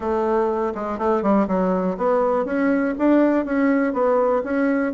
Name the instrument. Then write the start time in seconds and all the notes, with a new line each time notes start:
bassoon
0.00 A3
0.74 G#3
0.98 A3
1.22 G3
1.47 F#3
1.97 B3
2.45 C#4
2.98 D4
3.45 C#4
3.93 B3
4.43 C#4